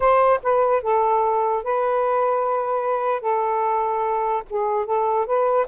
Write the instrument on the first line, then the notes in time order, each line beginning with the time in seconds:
saxophone
0.00 C5
0.43 B4
0.82 A4
1.63 B4
3.21 A4
4.49 G#4
4.85 A4
5.26 B4